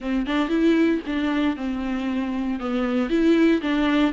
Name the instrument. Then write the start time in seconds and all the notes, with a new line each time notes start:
viola
0.00 C4
0.26 D4
0.48 E4
1.06 D4
1.56 C4
2.59 B3
3.09 E4
3.61 D4